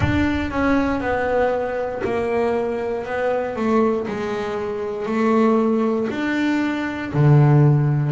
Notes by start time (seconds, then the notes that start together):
0.00 D4
0.50 C#4
1.00 B3
2.04 A#3
3.05 B3
3.56 A3
4.07 G#3
5.06 A3
6.10 D4
7.13 D3